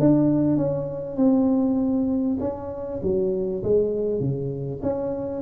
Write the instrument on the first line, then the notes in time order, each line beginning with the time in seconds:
tuba
0.00 D4
0.57 C#4
1.17 C4
2.40 C#4
3.03 F#3
3.64 G#3
4.21 C#3
4.83 C#4